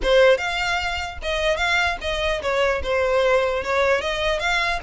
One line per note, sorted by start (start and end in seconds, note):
0.02 0.37 C5
0.37 1.18 F5
1.22 1.56 D#5
1.56 1.97 F5
2.01 2.41 D#5
2.42 2.82 C#5
2.83 3.63 C5
3.63 4.01 C#5
4.01 4.39 D#5
4.39 4.79 F5